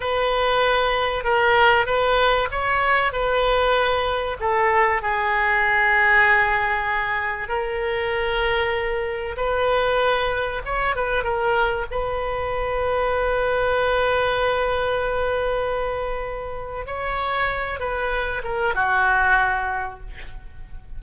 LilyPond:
\new Staff \with { instrumentName = "oboe" } { \time 4/4 \tempo 4 = 96 b'2 ais'4 b'4 | cis''4 b'2 a'4 | gis'1 | ais'2. b'4~ |
b'4 cis''8 b'8 ais'4 b'4~ | b'1~ | b'2. cis''4~ | cis''8 b'4 ais'8 fis'2 | }